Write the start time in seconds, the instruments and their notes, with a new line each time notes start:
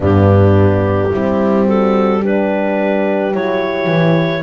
0.00 double bass G2, horn B3 D4, clarinet G4
1.11 double bass G3, horn C4 E4
1.67 horn F#4, clarinet A4
2.21 horn D4 G4, clarinet B4
3.32 double bass F#3, horn E4, clarinet C#5
3.87 double bass E3